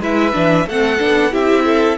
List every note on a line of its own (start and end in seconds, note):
0.00 0.33 G#3
0.00 0.33 E4
0.00 0.67 B4
0.00 0.69 E5
0.33 0.67 E3
0.33 0.66 D4
0.67 1.00 A3
0.67 0.99 C4
0.67 1.32 A4
0.67 1.35 F#5
0.99 1.35 B3
0.99 1.31 D4
1.31 1.98 C4
1.31 1.97 E4
1.31 1.65 G4
1.31 1.98 E5
1.66 1.98 A4